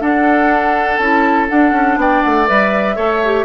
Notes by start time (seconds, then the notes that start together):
0.00 D4 A4 F#5
0.96 C#4 E4 A5
1.48 D4 F#5
1.71 C#4
1.96 B3 D5 G5
2.22 A3 F#5
2.46 G3 B4 E5
2.95 A3 A4 C#5
3.24 G4